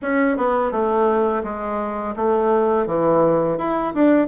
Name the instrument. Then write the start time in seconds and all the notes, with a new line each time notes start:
bassoon
0.02 C#4
0.37 B3
0.71 A3
1.43 G#3
2.16 A3
2.86 E3
3.57 E4
3.94 D4